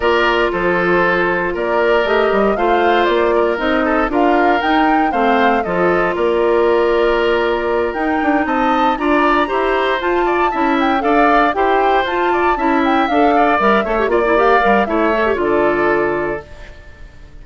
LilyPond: <<
  \new Staff \with { instrumentName = "flute" } { \time 4/4 \tempo 4 = 117 d''4 c''2 d''4 | dis''4 f''4 d''4 dis''4 | f''4 g''4 f''4 dis''4 | d''2.~ d''8 g''8~ |
g''8 a''4 ais''2 a''8~ | a''4 g''8 f''4 g''4 a''8~ | a''4 g''8 f''4 e''4 d''8 | f''4 e''4 d''2 | }
  \new Staff \with { instrumentName = "oboe" } { \time 4/4 ais'4 a'2 ais'4~ | ais'4 c''4. ais'4 a'8 | ais'2 c''4 a'4 | ais'1~ |
ais'8 dis''4 d''4 c''4. | d''8 e''4 d''4 c''4. | d''8 e''4. d''4 cis''8 d''8~ | d''4 cis''4 a'2 | }
  \new Staff \with { instrumentName = "clarinet" } { \time 4/4 f'1 | g'4 f'2 dis'4 | f'4 dis'4 c'4 f'4~ | f'2.~ f'8 dis'8~ |
dis'4. f'4 g'4 f'8~ | f'8 e'4 a'4 g'4 f'8~ | f'8 e'4 a'4 ais'8 a'16 g'16 f'16 e'16 | g'8 ais'8 e'8 a'16 g'16 f'2 | }
  \new Staff \with { instrumentName = "bassoon" } { \time 4/4 ais4 f2 ais4 | a8 g8 a4 ais4 c'4 | d'4 dis'4 a4 f4 | ais2.~ ais8 dis'8 |
d'8 c'4 d'4 e'4 f'8~ | f'8 cis'4 d'4 e'4 f'8~ | f'8 cis'4 d'4 g8 a8 ais8~ | ais8 g8 a4 d2 | }
>>